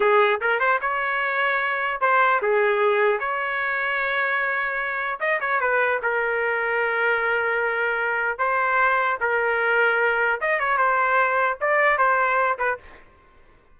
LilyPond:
\new Staff \with { instrumentName = "trumpet" } { \time 4/4 \tempo 4 = 150 gis'4 ais'8 c''8 cis''2~ | cis''4 c''4 gis'2 | cis''1~ | cis''4 dis''8 cis''8 b'4 ais'4~ |
ais'1~ | ais'4 c''2 ais'4~ | ais'2 dis''8 cis''8 c''4~ | c''4 d''4 c''4. b'8 | }